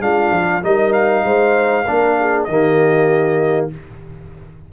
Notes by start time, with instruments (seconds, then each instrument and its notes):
0.00 tuba G#3, trombone D4, horn F4, trumpet F5
0.32 tuba F3
0.63 tuba G3, trombone D#4, horn A#4, trumpet D#5
0.93 trumpet F5
1.24 tuba G#3, horn C5
1.87 tuba A#3, trombone D4, horn A#4
2.19 horn G#4
2.44 tuba D#3, trombone A#3, horn G4, trumpet D#5